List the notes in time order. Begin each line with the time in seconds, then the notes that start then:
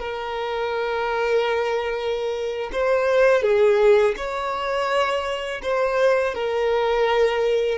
0.00 A#4
2.73 C5
3.43 G#4
4.17 C#5
5.63 C5
6.35 A#4